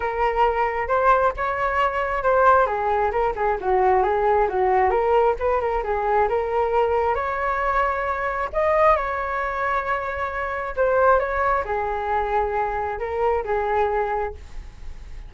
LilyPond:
\new Staff \with { instrumentName = "flute" } { \time 4/4 \tempo 4 = 134 ais'2 c''4 cis''4~ | cis''4 c''4 gis'4 ais'8 gis'8 | fis'4 gis'4 fis'4 ais'4 | b'8 ais'8 gis'4 ais'2 |
cis''2. dis''4 | cis''1 | c''4 cis''4 gis'2~ | gis'4 ais'4 gis'2 | }